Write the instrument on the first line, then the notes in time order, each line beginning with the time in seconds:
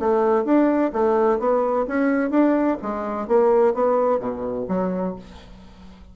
bassoon
0.00 A3
0.45 D4
0.93 A3
1.40 B3
1.88 C#4
2.31 D4
2.83 G#3
3.28 A#3
3.74 B3
4.20 B2
4.69 F#3